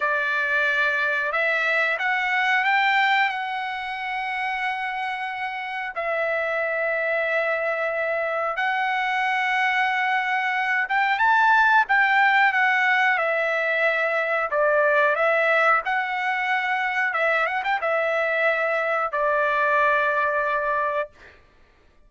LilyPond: \new Staff \with { instrumentName = "trumpet" } { \time 4/4 \tempo 4 = 91 d''2 e''4 fis''4 | g''4 fis''2.~ | fis''4 e''2.~ | e''4 fis''2.~ |
fis''8 g''8 a''4 g''4 fis''4 | e''2 d''4 e''4 | fis''2 e''8 fis''16 g''16 e''4~ | e''4 d''2. | }